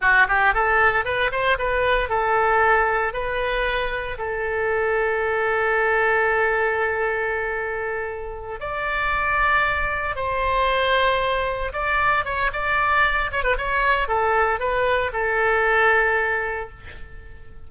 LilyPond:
\new Staff \with { instrumentName = "oboe" } { \time 4/4 \tempo 4 = 115 fis'8 g'8 a'4 b'8 c''8 b'4 | a'2 b'2 | a'1~ | a'1~ |
a'8 d''2. c''8~ | c''2~ c''8 d''4 cis''8 | d''4. cis''16 b'16 cis''4 a'4 | b'4 a'2. | }